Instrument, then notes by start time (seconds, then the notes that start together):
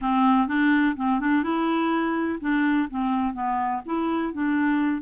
clarinet
0.01 C4
0.47 D4
0.96 C4
1.20 D4
1.43 E4
2.40 D4
2.90 C4
3.33 B3
3.85 E4
4.33 D4